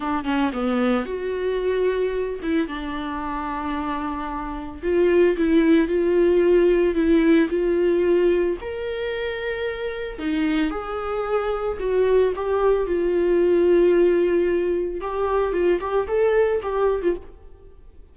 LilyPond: \new Staff \with { instrumentName = "viola" } { \time 4/4 \tempo 4 = 112 d'8 cis'8 b4 fis'2~ | fis'8 e'8 d'2.~ | d'4 f'4 e'4 f'4~ | f'4 e'4 f'2 |
ais'2. dis'4 | gis'2 fis'4 g'4 | f'1 | g'4 f'8 g'8 a'4 g'8. f'16 | }